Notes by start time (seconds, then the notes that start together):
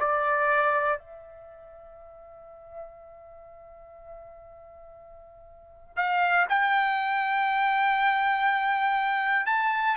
0.00 D5
0.99 E5
5.97 F5
6.50 G5
9.47 A5